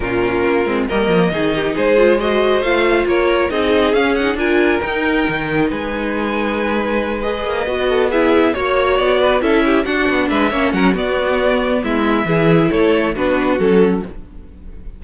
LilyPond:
<<
  \new Staff \with { instrumentName = "violin" } { \time 4/4 \tempo 4 = 137 ais'2 dis''2 | c''4 dis''4 f''4 cis''4 | dis''4 f''8 fis''8 gis''4 g''4~ | g''4 gis''2.~ |
gis''8 dis''2 e''4 cis''8~ | cis''8 d''4 e''4 fis''4 e''8~ | e''8 fis''8 d''2 e''4~ | e''4 cis''4 b'4 a'4 | }
  \new Staff \with { instrumentName = "violin" } { \time 4/4 f'2 ais'4 gis'8 g'8 | gis'4 c''2 ais'4 | gis'2 ais'2~ | ais'4 b'2.~ |
b'2 a'8 gis'4 cis''8~ | cis''4 b'8 a'8 g'8 fis'4 b'8 | cis''8 ais'8 fis'2 e'4 | gis'4 a'4 fis'2 | }
  \new Staff \with { instrumentName = "viola" } { \time 4/4 cis'4. c'8 ais4 dis'4~ | dis'8 f'8 fis'4 f'2 | dis'4 cis'8 dis'8 f'4 dis'4~ | dis'1~ |
dis'8 gis'4 fis'4 e'4 fis'8~ | fis'4. e'4 d'4. | cis'4 b2. | e'2 d'4 cis'4 | }
  \new Staff \with { instrumentName = "cello" } { \time 4/4 ais,4 ais8 gis8 g8 f8 dis4 | gis2 a4 ais4 | c'4 cis'4 d'4 dis'4 | dis4 gis2.~ |
gis4 ais8 b2 ais8~ | ais8 b4 cis'4 d'8 b8 gis8 | ais8 fis8 b2 gis4 | e4 a4 b4 fis4 | }
>>